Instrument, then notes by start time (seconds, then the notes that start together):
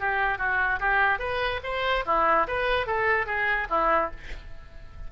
oboe
0.00 G4
0.39 F#4
0.80 G4
1.19 B4
1.64 C5
2.06 E4
2.48 B4
2.87 A4
3.27 G#4
3.70 E4